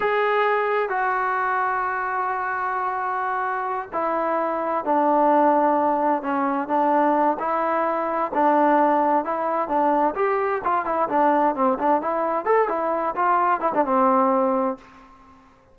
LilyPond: \new Staff \with { instrumentName = "trombone" } { \time 4/4 \tempo 4 = 130 gis'2 fis'2~ | fis'1~ | fis'8 e'2 d'4.~ | d'4. cis'4 d'4. |
e'2 d'2 | e'4 d'4 g'4 f'8 e'8 | d'4 c'8 d'8 e'4 a'8 e'8~ | e'8 f'4 e'16 d'16 c'2 | }